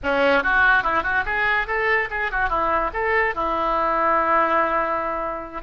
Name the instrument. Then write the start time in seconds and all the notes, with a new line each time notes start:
oboe
0.03 C#4
0.43 F#4
0.83 E4
1.03 F#4
1.25 G#4
1.67 A4
2.10 G#4
2.31 F#4
2.49 E4
2.93 A4
3.34 E4